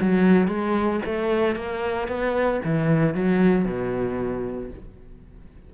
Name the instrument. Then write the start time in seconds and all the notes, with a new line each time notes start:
cello
0.00 F#3
0.47 G#3
1.05 A3
1.55 A#3
2.08 B3
2.64 E3
3.14 F#3
3.64 B2